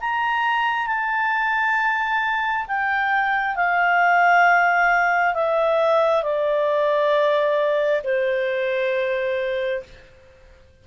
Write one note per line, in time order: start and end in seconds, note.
0.00 0.87 A#5
0.87 2.66 A5
2.67 3.55 G5
3.55 5.34 F5
5.34 6.22 E5
6.22 8.01 D5
8.04 9.83 C5